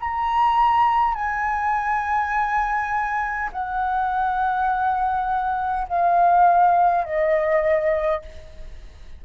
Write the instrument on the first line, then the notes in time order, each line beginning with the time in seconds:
flute
0.00 A#5
1.15 G#5
3.53 F#5
5.89 F5
7.05 D#5